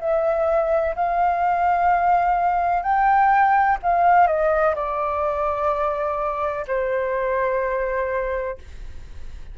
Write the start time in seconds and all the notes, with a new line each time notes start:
0.00 E5
0.95 F5
2.83 G5
3.83 F5
4.27 D#5
4.75 D5
6.68 C5